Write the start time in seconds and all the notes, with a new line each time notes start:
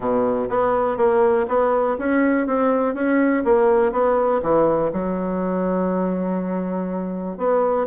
0.00 B2
0.49 B3
0.97 A#3
1.48 B3
1.98 C#4
2.47 C4
2.94 C#4
3.44 A#3
3.92 B3
4.42 E3
4.92 F#3
7.37 B3